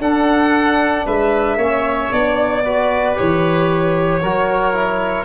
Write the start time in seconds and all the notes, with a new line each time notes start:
0.00 D4 A4 F#5
1.05 G#3 B4 E5
1.56 A#3 C#4 C#5
2.12 B3 D4 D5
2.64 F#4 B4
3.16 E3 G4 C#5
4.21 F#3 F#4 A#4
4.74 E4